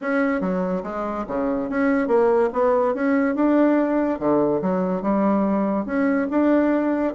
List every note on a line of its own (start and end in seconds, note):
0.01 0.40 C#4
0.40 0.82 F#3
0.83 1.25 G#3
1.27 1.69 C#3
1.69 2.07 C#4
2.07 2.49 A#3
2.52 2.94 B3
2.94 3.35 C#4
3.35 4.19 D4
4.19 4.61 D3
4.61 5.02 F#3
5.02 5.85 G3
5.85 6.27 C#4
6.30 7.14 D4